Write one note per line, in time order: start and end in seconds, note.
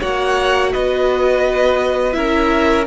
0.00 0.74 A#3
0.00 2.12 F#4
0.00 0.71 C#5
0.00 0.73 F#5
0.73 2.16 B3
0.73 2.16 B4
0.73 2.13 D#5
2.12 2.87 C#4
2.12 2.84 E4
2.12 2.87 A#4
2.12 2.84 E5